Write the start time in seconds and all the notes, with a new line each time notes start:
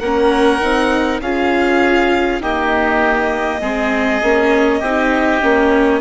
0.00 A#3 C#4 A#4 F#5
0.61 C4 D#4
1.21 C#4 F4 G#4 F5
2.40 A#3 D#4 G4 D#5
3.61 G#3 C4 G#4
4.22 A#3 C#4
4.80 C4 D#4 G4
5.41 A#3 C#4